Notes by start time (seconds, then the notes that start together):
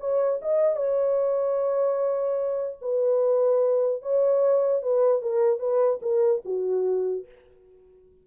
0.00 C#5
0.42 D#5
0.76 C#5
2.82 B4
4.03 C#5
4.83 B4
5.22 A#4
5.60 B4
6.02 A#4
6.45 F#4